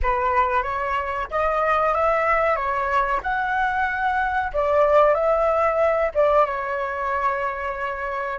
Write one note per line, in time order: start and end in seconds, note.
0.02 0.62 B4
0.62 1.27 C#5
1.30 1.94 D#5
1.94 2.56 E5
2.56 3.20 C#5
3.23 4.52 F#5
4.53 5.14 D5
5.14 6.11 E5
6.14 6.45 D5
6.45 8.39 C#5